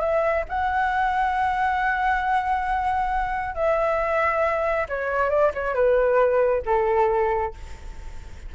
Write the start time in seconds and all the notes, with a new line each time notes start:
0.00 E5
0.49 F#5
3.55 E5
4.89 C#5
5.30 D5
5.54 C#5
5.74 B4
6.66 A4